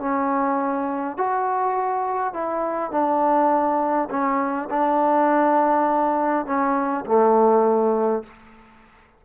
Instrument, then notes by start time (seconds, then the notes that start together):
trombone
0.00 C#4
1.17 F#4
2.34 E4
2.91 D4
4.10 C#4
4.70 D4
6.46 C#4
7.06 A3